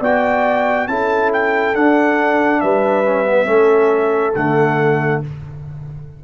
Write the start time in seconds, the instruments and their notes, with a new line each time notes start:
0.00 tuba B3, trombone F#4, horn D5, trumpet G5
0.87 tuba C#4, trombone E4, horn A4, trumpet A5
1.33 trumpet G5
1.74 tuba D4, trombone D4, trumpet F#5
2.60 tuba G3, horn B4, trumpet E5
3.05 trombone C#4
3.24 trombone B3
3.45 tuba A3, trombone C#4, horn A4
4.35 tuba D3, trombone A3, trumpet F#5